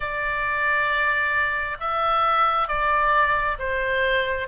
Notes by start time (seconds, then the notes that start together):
0.00 D5
1.80 E5
2.67 D5
3.58 C5